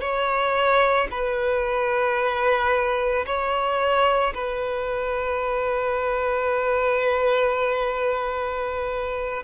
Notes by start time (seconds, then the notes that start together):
0.00 C#5
1.11 B4
3.26 C#5
4.34 B4